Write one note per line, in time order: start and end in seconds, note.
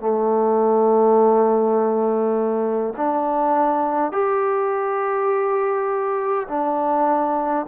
0.00 2.94 A3
2.97 4.12 D4
4.12 6.48 G4
6.49 7.66 D4